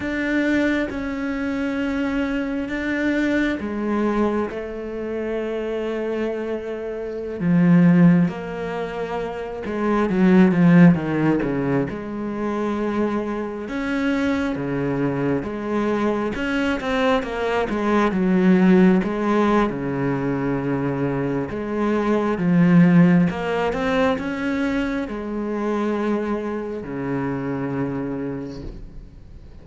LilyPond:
\new Staff \with { instrumentName = "cello" } { \time 4/4 \tempo 4 = 67 d'4 cis'2 d'4 | gis4 a2.~ | a16 f4 ais4. gis8 fis8 f16~ | f16 dis8 cis8 gis2 cis'8.~ |
cis'16 cis4 gis4 cis'8 c'8 ais8 gis16~ | gis16 fis4 gis8. cis2 | gis4 f4 ais8 c'8 cis'4 | gis2 cis2 | }